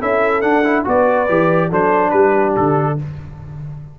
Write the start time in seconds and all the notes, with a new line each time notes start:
0.00 C#4 E4 A4 E5
0.41 D4 F#5
0.64 E4
0.85 B3 F#4 B4 D5
1.29 E3 G4
1.70 F#3 D4 A4 C5
2.11 G3 G4 B4
2.56 D3 A4